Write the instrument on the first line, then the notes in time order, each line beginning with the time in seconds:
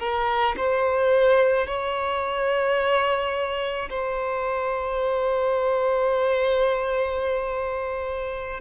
violin
0.00 A#4
0.57 C5
1.67 C#5
3.90 C5